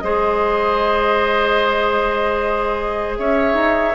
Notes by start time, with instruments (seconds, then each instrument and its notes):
0.00 bassoon G#3, clarinet G#4, oboe C5, flute D#5
3.18 bassoon C#4, oboe C#5, flute E5
3.54 bassoon D#4